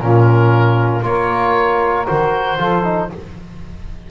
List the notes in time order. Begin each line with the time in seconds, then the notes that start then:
0.00 A#2 C#4 F4 A#4
1.02 A#3 F4 A#4 C#5
2.06 D#3 F#4 C5
2.58 F3 F4 A4
2.83 D#4